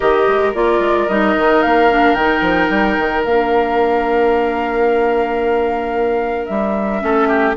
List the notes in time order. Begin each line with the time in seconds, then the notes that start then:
0.00 D#3 G4 A#4 D#5
0.28 G#3
0.54 A#3 F4 D5
0.79 G#3
1.08 G3 D#4 D#5
1.36 D#3
1.62 A#3 F5
1.90 D4
2.14 D#3 D#4 G5
2.41 F3
2.69 G3
2.98 D#3
3.24 A#3 D4 F5
6.45 G3 E5
7.00 A3 C#4 A4
7.27 G4